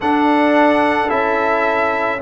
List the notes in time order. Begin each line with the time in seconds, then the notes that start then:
0.00 D4 A4 F#5
1.07 C#4 E4 E5